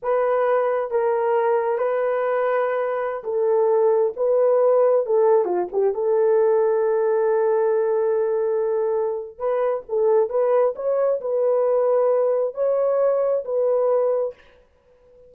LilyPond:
\new Staff \with { instrumentName = "horn" } { \time 4/4 \tempo 4 = 134 b'2 ais'2 | b'2.~ b'16 a'8.~ | a'4~ a'16 b'2 a'8.~ | a'16 f'8 g'8 a'2~ a'8.~ |
a'1~ | a'4 b'4 a'4 b'4 | cis''4 b'2. | cis''2 b'2 | }